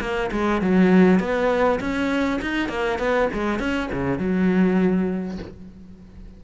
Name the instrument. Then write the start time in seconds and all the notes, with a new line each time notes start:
cello
0.00 A#3
0.31 G#3
0.61 F#3
1.19 B3
1.80 C#4
2.41 D#4
2.68 A#3
2.98 B3
3.33 G#3
3.59 C#4
3.92 C#3
4.18 F#3